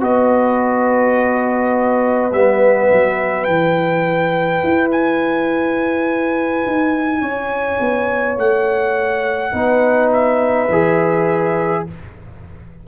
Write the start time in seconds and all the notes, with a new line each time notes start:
0.00 B3 F#4 B4 D#5
2.32 G3 B3 E5
2.92 F#3
3.44 E3 E4 G5
4.63 E4
4.92 G#5
6.66 D#4
7.21 C#4 C#5
7.80 B3
8.37 A3 F#5
9.52 B3 D#4 B4
10.13 E5
10.69 E3 G#4